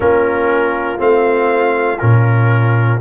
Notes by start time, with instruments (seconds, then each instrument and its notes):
0.00 tuba A#3, trombone C#4, horn F4, trumpet A#4
0.97 tuba A3, trombone C4, trumpet F5
1.99 tuba A#2, trombone C#4, trumpet A#4